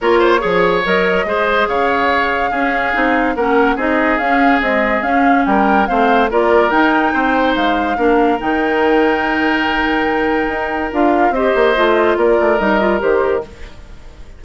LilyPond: <<
  \new Staff \with { instrumentName = "flute" } { \time 4/4 \tempo 4 = 143 cis''2 dis''2 | f''1 | fis''4 dis''4 f''4 dis''4 | f''4 g''4 f''4 d''4 |
g''2 f''2 | g''1~ | g''2 f''4 dis''4~ | dis''4 d''4 dis''4 c''4 | }
  \new Staff \with { instrumentName = "oboe" } { \time 4/4 ais'8 c''8 cis''2 c''4 | cis''2 gis'2 | ais'4 gis'2.~ | gis'4 ais'4 c''4 ais'4~ |
ais'4 c''2 ais'4~ | ais'1~ | ais'2. c''4~ | c''4 ais'2. | }
  \new Staff \with { instrumentName = "clarinet" } { \time 4/4 f'4 gis'4 ais'4 gis'4~ | gis'2 cis'4 dis'4 | cis'4 dis'4 cis'4 gis4 | cis'2 c'4 f'4 |
dis'2. d'4 | dis'1~ | dis'2 f'4 g'4 | f'2 dis'8 f'8 g'4 | }
  \new Staff \with { instrumentName = "bassoon" } { \time 4/4 ais4 f4 fis4 gis4 | cis2 cis'4 c'4 | ais4 c'4 cis'4 c'4 | cis'4 g4 a4 ais4 |
dis'4 c'4 gis4 ais4 | dis1~ | dis4 dis'4 d'4 c'8 ais8 | a4 ais8 a8 g4 dis4 | }
>>